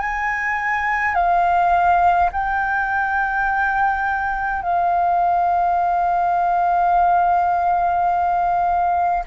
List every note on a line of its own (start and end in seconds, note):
0.00 1.14 G#5
1.14 2.30 F5
2.32 4.62 G5
4.62 9.24 F5